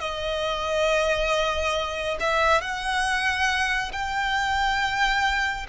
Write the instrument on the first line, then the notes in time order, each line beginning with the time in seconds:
violin
0.00 D#5
2.20 E5
2.61 F#5
3.92 G5